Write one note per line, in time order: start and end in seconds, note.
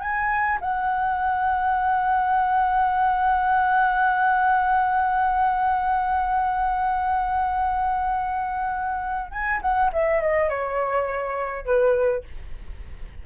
0.00 0.58 G#5
0.61 9.31 F#5
9.31 9.60 G#5
9.61 9.91 F#5
9.92 10.20 E5
10.20 10.49 D#5
10.49 11.65 C#5
11.65 12.23 B4